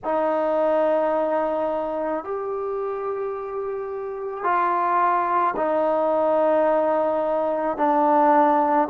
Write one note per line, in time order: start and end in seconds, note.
0.04 2.24 D#4
2.24 4.43 G4
4.43 5.54 F4
5.56 7.77 D#4
7.77 8.88 D4